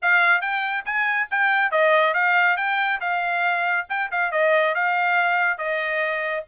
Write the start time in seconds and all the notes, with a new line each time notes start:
0.01 F5
0.41 G5
0.85 G#5
1.30 G5
1.71 D#5
2.14 F5
2.57 G5
3.00 F5
3.89 G5
4.11 F5
4.31 D#5
4.75 F5
5.57 D#5